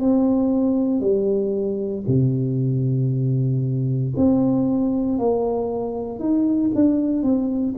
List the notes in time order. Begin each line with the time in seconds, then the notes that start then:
0.00 C4
1.01 G3
2.07 C3
4.17 C4
5.19 A#3
6.20 D#4
6.75 D4
7.23 C4